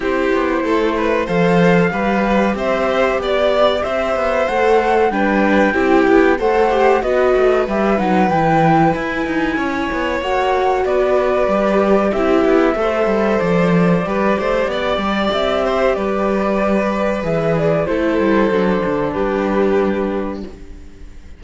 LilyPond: <<
  \new Staff \with { instrumentName = "flute" } { \time 4/4 \tempo 4 = 94 c''2 f''2 | e''4 d''4 e''4 fis''4 | g''2 fis''4 dis''4 | e''8 fis''8 g''4 gis''2 |
fis''4 d''2 e''4~ | e''4 d''2. | e''4 d''2 e''8 d''8 | c''2 b'2 | }
  \new Staff \with { instrumentName = "violin" } { \time 4/4 g'4 a'8 b'8 c''4 b'4 | c''4 d''4 c''2 | b'4 g'4 c''4 b'4~ | b'2. cis''4~ |
cis''4 b'2 g'4 | c''2 b'8 c''8 d''4~ | d''8 c''8 b'2. | a'2 g'2 | }
  \new Staff \with { instrumentName = "viola" } { \time 4/4 e'2 a'4 g'4~ | g'2. a'4 | d'4 e'4 a'8 g'8 fis'4 | g'8 dis'8 e'2. |
fis'2 g'4 e'4 | a'2 g'2~ | g'2. gis'4 | e'4 d'2. | }
  \new Staff \with { instrumentName = "cello" } { \time 4/4 c'8 b8 a4 f4 g4 | c'4 b4 c'8 b8 a4 | g4 c'8 b8 a4 b8 a8 | g8 fis8 e4 e'8 dis'8 cis'8 b8 |
ais4 b4 g4 c'8 b8 | a8 g8 f4 g8 a8 b8 g8 | c'4 g2 e4 | a8 g8 fis8 d8 g2 | }
>>